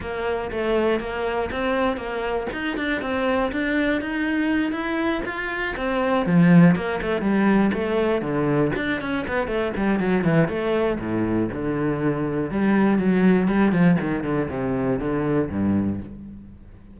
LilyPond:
\new Staff \with { instrumentName = "cello" } { \time 4/4 \tempo 4 = 120 ais4 a4 ais4 c'4 | ais4 dis'8 d'8 c'4 d'4 | dis'4. e'4 f'4 c'8~ | c'8 f4 ais8 a8 g4 a8~ |
a8 d4 d'8 cis'8 b8 a8 g8 | fis8 e8 a4 a,4 d4~ | d4 g4 fis4 g8 f8 | dis8 d8 c4 d4 g,4 | }